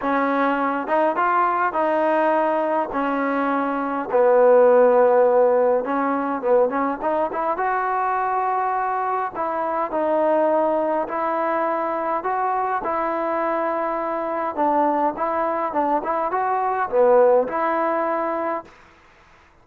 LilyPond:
\new Staff \with { instrumentName = "trombone" } { \time 4/4 \tempo 4 = 103 cis'4. dis'8 f'4 dis'4~ | dis'4 cis'2 b4~ | b2 cis'4 b8 cis'8 | dis'8 e'8 fis'2. |
e'4 dis'2 e'4~ | e'4 fis'4 e'2~ | e'4 d'4 e'4 d'8 e'8 | fis'4 b4 e'2 | }